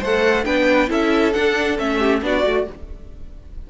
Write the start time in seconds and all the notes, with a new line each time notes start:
0.00 A3 A4 C5 F#5
0.45 B3 D4 B4 G5
0.88 C#4 E4 A4 E5
1.33 D4 F#5
1.78 A3 C#4 E5
1.99 G4
2.21 B3 D4 F#4 D5
2.45 A3 F#4